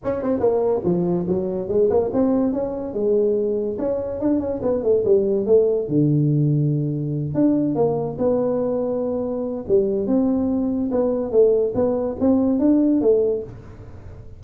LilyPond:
\new Staff \with { instrumentName = "tuba" } { \time 4/4 \tempo 4 = 143 cis'8 c'8 ais4 f4 fis4 | gis8 ais8 c'4 cis'4 gis4~ | gis4 cis'4 d'8 cis'8 b8 a8 | g4 a4 d2~ |
d4. d'4 ais4 b8~ | b2. g4 | c'2 b4 a4 | b4 c'4 d'4 a4 | }